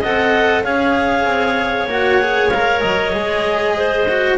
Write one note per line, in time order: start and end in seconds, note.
0.00 0.64 C4
0.00 0.64 A4
0.00 0.62 D#5
0.00 0.63 F#5
0.63 1.24 C#4
0.63 1.89 G#4
0.63 3.76 C#5
0.63 1.88 F5
1.24 1.86 C4
1.86 2.49 A#3
1.86 2.21 F#4
1.86 2.49 F#5
2.21 2.52 G#4
2.49 2.82 G#3
2.49 3.12 A#4
2.49 2.80 F5
2.80 3.14 F#3
2.80 4.36 D#5
3.12 4.38 G#3
3.12 4.06 G#4
3.76 4.38 C5
4.08 4.38 F#4